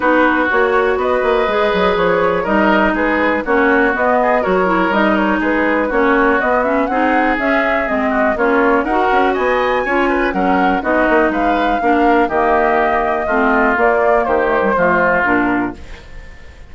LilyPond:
<<
  \new Staff \with { instrumentName = "flute" } { \time 4/4 \tempo 4 = 122 b'4 cis''4 dis''2 | cis''4 dis''4 b'4 cis''4 | dis''4 cis''4 dis''8 cis''8 b'4 | cis''4 dis''8 e''8 fis''4 e''4 |
dis''4 cis''4 fis''4 gis''4~ | gis''4 fis''4 dis''4 f''4~ | f''4 dis''2. | d''4 c''2 ais'4 | }
  \new Staff \with { instrumentName = "oboe" } { \time 4/4 fis'2 b'2~ | b'4 ais'4 gis'4 fis'4~ | fis'8 gis'8 ais'2 gis'4 | fis'2 gis'2~ |
gis'8 fis'8 f'4 ais'4 dis''4 | cis''8 b'8 ais'4 fis'4 b'4 | ais'4 g'2 f'4~ | f'4 g'4 f'2 | }
  \new Staff \with { instrumentName = "clarinet" } { \time 4/4 dis'4 fis'2 gis'4~ | gis'4 dis'2 cis'4 | b4 fis'8 e'8 dis'2 | cis'4 b8 cis'8 dis'4 cis'4 |
c'4 cis'4 fis'2 | f'4 cis'4 dis'2 | d'4 ais2 c'4 | ais4. a16 g16 a4 d'4 | }
  \new Staff \with { instrumentName = "bassoon" } { \time 4/4 b4 ais4 b8 ais8 gis8 fis8 | f4 g4 gis4 ais4 | b4 fis4 g4 gis4 | ais4 b4 c'4 cis'4 |
gis4 ais4 dis'8 cis'8 b4 | cis'4 fis4 b8 ais8 gis4 | ais4 dis2 a4 | ais4 dis4 f4 ais,4 | }
>>